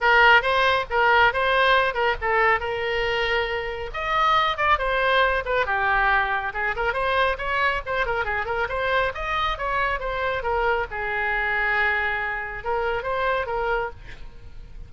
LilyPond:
\new Staff \with { instrumentName = "oboe" } { \time 4/4 \tempo 4 = 138 ais'4 c''4 ais'4 c''4~ | c''8 ais'8 a'4 ais'2~ | ais'4 dis''4. d''8 c''4~ | c''8 b'8 g'2 gis'8 ais'8 |
c''4 cis''4 c''8 ais'8 gis'8 ais'8 | c''4 dis''4 cis''4 c''4 | ais'4 gis'2.~ | gis'4 ais'4 c''4 ais'4 | }